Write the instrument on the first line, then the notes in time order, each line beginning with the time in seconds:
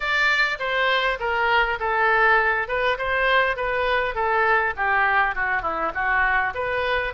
oboe
0.00 D5
0.59 C5
1.19 A#4
1.79 A4
2.68 B4
2.98 C5
3.56 B4
4.14 A4
4.76 G4
5.35 F#4
5.62 E4
5.94 F#4
6.54 B4